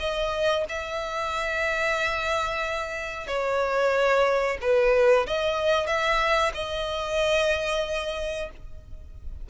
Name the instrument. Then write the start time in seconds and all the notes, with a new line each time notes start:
violin
0.00 D#5
0.69 E5
3.28 C#5
4.62 B4
5.27 D#5
5.87 E5
6.54 D#5